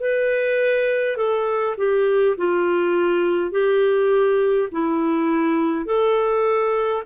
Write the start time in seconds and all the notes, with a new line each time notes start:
0.00 B4
1.17 A4
1.78 G4
2.37 F4
3.51 G4
4.72 E4
5.86 A4